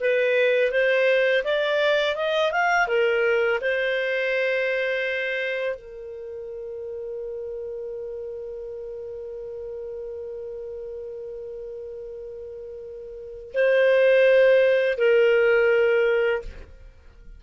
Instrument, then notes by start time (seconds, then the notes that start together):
clarinet
0.00 B4
0.71 C5
1.44 D5
2.16 D#5
2.52 F5
2.88 A#4
3.61 C5
5.75 A#4
13.54 C5
14.98 A#4